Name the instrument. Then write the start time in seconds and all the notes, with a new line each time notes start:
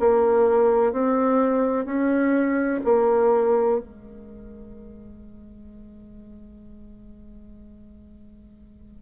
bassoon
0.00 A#3
0.93 C4
1.85 C#4
2.85 A#3
3.80 G#3